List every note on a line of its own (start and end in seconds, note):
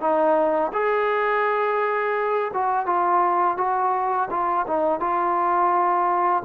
0.00 0.71 D#4
0.72 2.51 G#4
2.53 2.86 F#4
2.86 3.57 F4
3.57 4.29 F#4
4.30 4.66 F4
4.67 5.00 D#4
5.00 6.43 F4